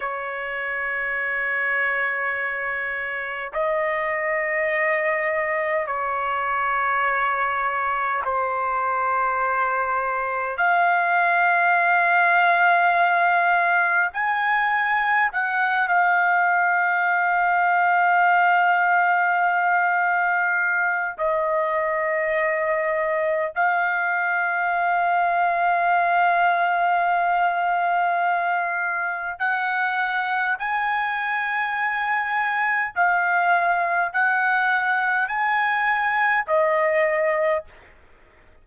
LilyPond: \new Staff \with { instrumentName = "trumpet" } { \time 4/4 \tempo 4 = 51 cis''2. dis''4~ | dis''4 cis''2 c''4~ | c''4 f''2. | gis''4 fis''8 f''2~ f''8~ |
f''2 dis''2 | f''1~ | f''4 fis''4 gis''2 | f''4 fis''4 gis''4 dis''4 | }